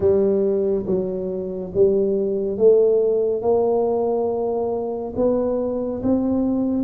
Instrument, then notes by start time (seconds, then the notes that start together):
tuba
0.00 G3
0.86 F#3
1.74 G3
2.57 A3
3.42 A#3
5.16 B3
6.02 C4